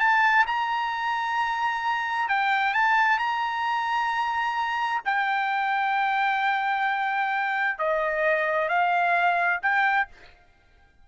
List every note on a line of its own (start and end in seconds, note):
0.00 0.46 A5
0.47 2.29 A#5
2.29 2.74 G5
2.74 3.19 A5
3.19 5.02 A#5
5.05 7.79 G5
7.79 8.69 D#5
8.69 9.60 F5
9.62 10.08 G5